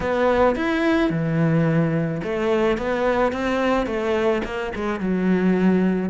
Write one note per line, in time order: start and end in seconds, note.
0.00 0.55 B3
0.55 1.10 E4
1.10 2.21 E3
2.23 2.77 A3
2.77 3.32 B3
3.32 3.86 C4
3.86 4.42 A3
4.44 4.72 A#3
4.75 5.00 G#3
5.00 6.09 F#3